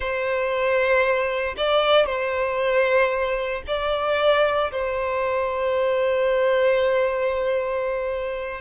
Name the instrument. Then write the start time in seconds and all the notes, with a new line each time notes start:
violin
0.00 C5
1.57 D5
2.06 C5
3.67 D5
4.71 C5